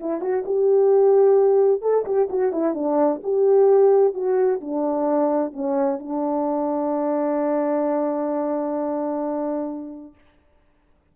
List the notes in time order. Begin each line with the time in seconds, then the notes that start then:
0.00 E4
0.21 F#4
0.46 G4
1.82 A4
2.05 G4
2.30 F#4
2.53 E4
2.75 D4
3.23 G4
4.14 F#4
4.61 D4
5.53 C#4
5.99 D4